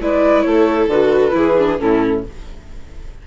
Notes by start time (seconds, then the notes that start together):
0.00 G#3 E4 B4 D5
0.41 A3 A4 C#5
0.87 D3 F#4 B4
1.31 E3 E4 G#4
1.59 D4
1.78 A2 C#4 E4 A4